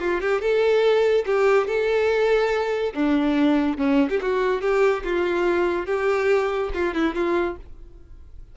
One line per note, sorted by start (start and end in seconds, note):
0.00 0.21 F4
0.21 0.41 G4
0.41 1.25 A4
1.26 1.67 G4
1.67 2.93 A4
2.94 3.78 D4
3.78 4.09 C#4
4.10 4.20 G4
4.21 4.62 F#4
4.62 5.03 G4
5.04 5.86 F4
5.86 6.70 G4
6.74 6.94 F4
6.94 7.15 E4
7.15 7.57 F4